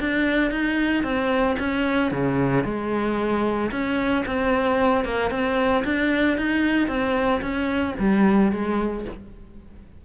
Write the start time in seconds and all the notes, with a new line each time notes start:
0.00 D4
0.51 D#4
1.04 C4
1.59 C#4
2.12 C#3
2.64 G#3
3.72 C#4
4.26 C4
5.05 A#3
5.31 C4
5.85 D4
6.37 D#4
6.88 C4
7.42 C#4
7.99 G3
8.52 G#3